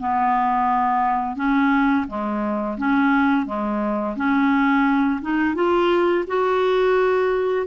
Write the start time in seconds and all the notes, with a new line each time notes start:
0.00 B3
1.36 C#4
2.08 G#3
2.78 C#4
3.46 G#3
4.16 C#4
5.22 D#4
5.55 F4
6.28 F#4